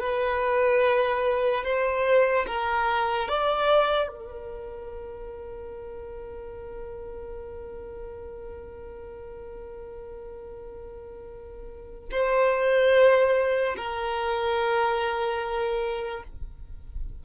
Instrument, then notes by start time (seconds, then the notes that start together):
violin
0.00 B4
1.64 C5
2.47 A#4
3.29 D5
4.09 A#4
12.12 C5
13.77 A#4